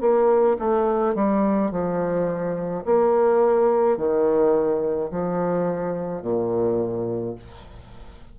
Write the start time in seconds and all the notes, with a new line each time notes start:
0.00 A#3
0.59 A3
1.14 G3
1.71 F3
2.85 A#3
3.97 D#3
5.10 F3
6.22 A#2